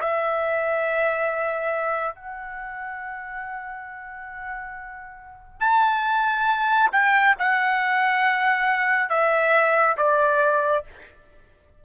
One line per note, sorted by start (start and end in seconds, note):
0.00 2.15 E5
2.15 5.60 F#5
5.60 6.90 A5
6.91 7.35 G5
7.38 9.09 F#5
9.09 9.96 E5
9.97 10.84 D5